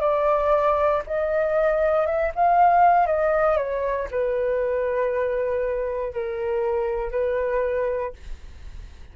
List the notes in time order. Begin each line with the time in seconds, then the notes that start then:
0.00 D5
1.06 D#5
2.06 E5
2.35 F5
3.06 D#5
3.56 C#5
4.11 B4
6.13 A#4
7.11 B4